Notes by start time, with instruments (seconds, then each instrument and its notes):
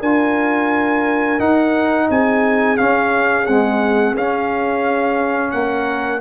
0.00 tuba D4, trombone F4, horn A#4, trumpet G#5
1.39 tuba D#4, trombone D#4, trumpet F#5
2.09 tuba C4, horn G#4, trumpet G#5
2.77 trombone C#4, tuba C#4, trumpet F5
3.46 trombone G#3, tuba C4, trumpet F#5
4.14 tuba C#4, trombone C#4, trumpet F5
5.51 tuba A#3, horn A#4, trumpet F#5